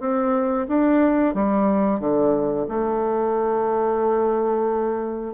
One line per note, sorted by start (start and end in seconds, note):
0.00 0.67 C4
0.68 1.34 D4
1.34 2.00 G3
2.00 2.67 D3
2.68 5.34 A3